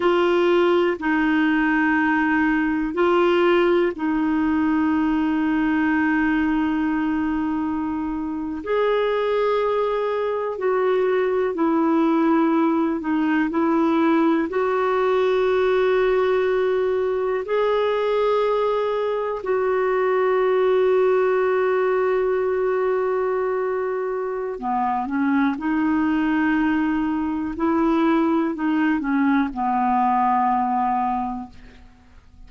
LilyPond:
\new Staff \with { instrumentName = "clarinet" } { \time 4/4 \tempo 4 = 61 f'4 dis'2 f'4 | dis'1~ | dis'8. gis'2 fis'4 e'16~ | e'4~ e'16 dis'8 e'4 fis'4~ fis'16~ |
fis'4.~ fis'16 gis'2 fis'16~ | fis'1~ | fis'4 b8 cis'8 dis'2 | e'4 dis'8 cis'8 b2 | }